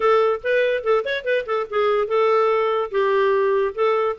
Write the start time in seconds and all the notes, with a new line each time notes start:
0.00 A4
0.43 B4
0.83 A4
1.04 C#5
1.24 B4
1.45 A4
1.70 G#4
2.07 A4
2.91 G4
3.74 A4